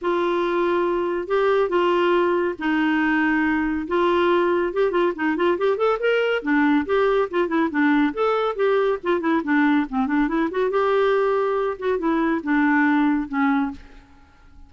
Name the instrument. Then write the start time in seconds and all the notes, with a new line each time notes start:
clarinet
0.01 F4
1.27 G4
1.69 F4
2.58 D#4
3.87 F4
4.73 G4
4.91 F4
5.15 D#4
5.36 F4
5.58 G4
5.77 A4
5.99 A#4
6.42 D4
6.85 G4
7.30 F4
7.48 E4
7.70 D4
8.13 A4
8.55 G4
9.03 F4
9.20 E4
9.43 D4
9.89 C4
10.06 D4
10.27 E4
10.50 F#4
10.70 G4
11.78 F#4
11.98 E4
12.43 D4
13.28 C#4